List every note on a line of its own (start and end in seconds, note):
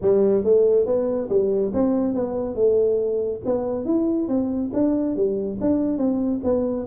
0.01 0.44 G3
0.44 0.86 A3
0.86 1.29 B3
1.29 1.72 G3
1.73 2.14 C4
2.14 2.55 B3
2.55 3.41 A3
3.45 3.85 B3
3.85 4.27 E4
4.27 4.70 C4
4.73 5.15 D4
5.16 5.59 G3
5.61 5.97 D4
5.97 6.40 C4
6.43 6.86 B3